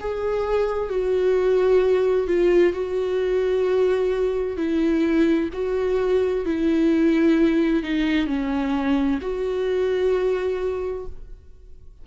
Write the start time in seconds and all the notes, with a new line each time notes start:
0.00 G#4
0.89 F#4
2.27 F4
2.73 F#4
4.57 E4
5.53 F#4
6.45 E4
7.83 D#4
8.27 C#4
9.21 F#4